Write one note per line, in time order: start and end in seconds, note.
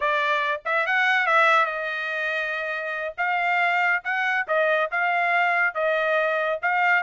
0.00 0.61 D5
0.65 0.86 E5
0.86 1.26 F#5
1.26 1.65 E5
1.65 3.14 D#5
3.17 4.02 F5
4.03 4.46 F#5
4.47 4.90 D#5
4.91 5.74 F5
5.74 6.59 D#5
6.62 7.03 F5